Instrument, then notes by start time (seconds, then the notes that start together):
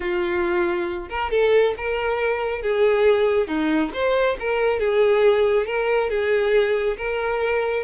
violin
0.00 F4
1.09 A#4
1.30 A4
1.77 A#4
2.61 G#4
3.47 D#4
3.93 C5
4.39 A#4
4.79 G#4
5.66 A#4
6.09 G#4
6.97 A#4